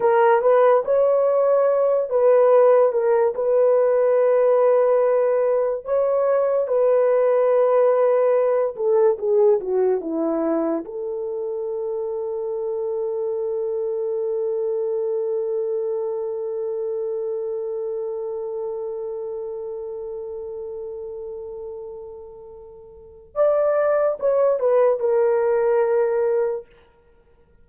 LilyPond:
\new Staff \with { instrumentName = "horn" } { \time 4/4 \tempo 4 = 72 ais'8 b'8 cis''4. b'4 ais'8 | b'2. cis''4 | b'2~ b'8 a'8 gis'8 fis'8 | e'4 a'2.~ |
a'1~ | a'1~ | a'1 | d''4 cis''8 b'8 ais'2 | }